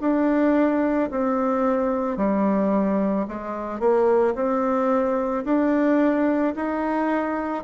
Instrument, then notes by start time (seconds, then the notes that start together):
bassoon
0.00 D4
1.10 C4
2.17 G3
3.27 G#3
3.79 A#3
4.34 C4
5.44 D4
6.56 D#4